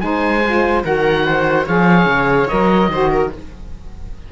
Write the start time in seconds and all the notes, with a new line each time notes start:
0.00 G#3 D#4 C5 G#5
0.45 F4
0.83 D#3 F#4 A#4 F#5
1.25 C5
1.66 F3 G#4 C#5 F5
2.05 C#3
2.48 F#3 A#4 D#5
2.88 D#3 F#4 C5
3.10 A#4